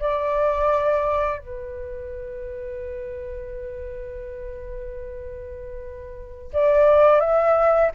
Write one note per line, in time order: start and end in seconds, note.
0.00 1.39 D5
1.39 6.51 B4
6.53 7.21 D5
7.21 7.91 E5